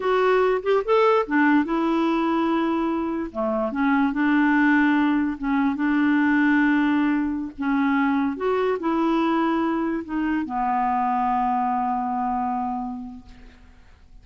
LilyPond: \new Staff \with { instrumentName = "clarinet" } { \time 4/4 \tempo 4 = 145 fis'4. g'8 a'4 d'4 | e'1 | a4 cis'4 d'2~ | d'4 cis'4 d'2~ |
d'2~ d'16 cis'4.~ cis'16~ | cis'16 fis'4 e'2~ e'8.~ | e'16 dis'4 b2~ b8.~ | b1 | }